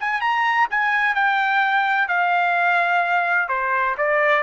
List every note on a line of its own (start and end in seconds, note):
0.00 0.21 G#5
0.21 0.68 A#5
0.70 1.15 G#5
1.15 2.08 G5
2.08 3.49 F5
3.49 3.95 C5
3.98 4.43 D5